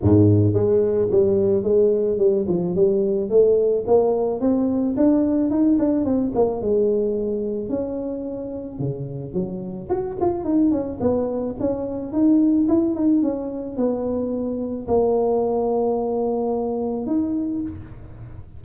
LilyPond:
\new Staff \with { instrumentName = "tuba" } { \time 4/4 \tempo 4 = 109 gis,4 gis4 g4 gis4 | g8 f8 g4 a4 ais4 | c'4 d'4 dis'8 d'8 c'8 ais8 | gis2 cis'2 |
cis4 fis4 fis'8 f'8 dis'8 cis'8 | b4 cis'4 dis'4 e'8 dis'8 | cis'4 b2 ais4~ | ais2. dis'4 | }